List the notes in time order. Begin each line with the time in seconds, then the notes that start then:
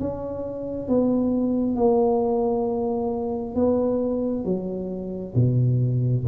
0.00 C#4
0.88 B3
1.76 A#3
3.55 B3
4.45 F#3
5.36 B2